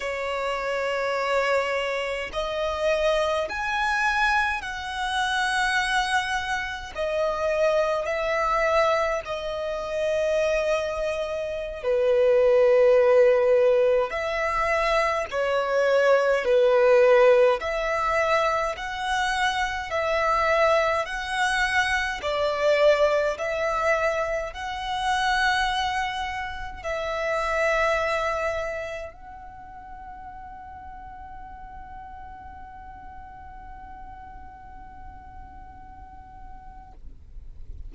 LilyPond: \new Staff \with { instrumentName = "violin" } { \time 4/4 \tempo 4 = 52 cis''2 dis''4 gis''4 | fis''2 dis''4 e''4 | dis''2~ dis''16 b'4.~ b'16~ | b'16 e''4 cis''4 b'4 e''8.~ |
e''16 fis''4 e''4 fis''4 d''8.~ | d''16 e''4 fis''2 e''8.~ | e''4~ e''16 fis''2~ fis''8.~ | fis''1 | }